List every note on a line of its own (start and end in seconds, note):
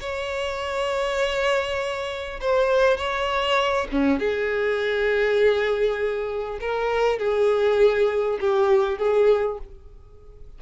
0.00 2.40 C#5
2.41 2.98 C5
2.98 3.88 C#5
3.92 4.19 C#4
4.19 6.59 G#4
6.61 7.19 A#4
7.19 8.39 G#4
8.41 8.99 G4
8.99 9.59 G#4